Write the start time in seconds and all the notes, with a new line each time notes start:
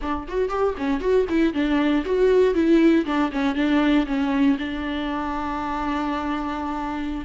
0.01 D4
0.28 F#4
0.49 G4
0.77 C#4
1.00 F#4
1.29 E4
1.53 D4
2.05 F#4
2.54 E4
3.05 D4
3.32 C#4
3.55 D4
4.06 C#4
4.58 D4